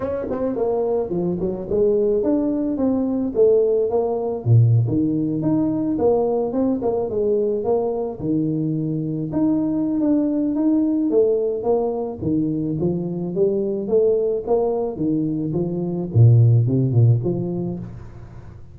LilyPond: \new Staff \with { instrumentName = "tuba" } { \time 4/4 \tempo 4 = 108 cis'8 c'8 ais4 f8 fis8 gis4 | d'4 c'4 a4 ais4 | ais,8. dis4 dis'4 ais4 c'16~ | c'16 ais8 gis4 ais4 dis4~ dis16~ |
dis8. dis'4~ dis'16 d'4 dis'4 | a4 ais4 dis4 f4 | g4 a4 ais4 dis4 | f4 ais,4 c8 ais,8 f4 | }